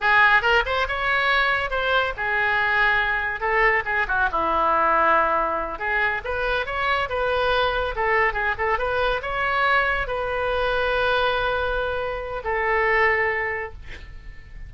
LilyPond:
\new Staff \with { instrumentName = "oboe" } { \time 4/4 \tempo 4 = 140 gis'4 ais'8 c''8 cis''2 | c''4 gis'2. | a'4 gis'8 fis'8 e'2~ | e'4. gis'4 b'4 cis''8~ |
cis''8 b'2 a'4 gis'8 | a'8 b'4 cis''2 b'8~ | b'1~ | b'4 a'2. | }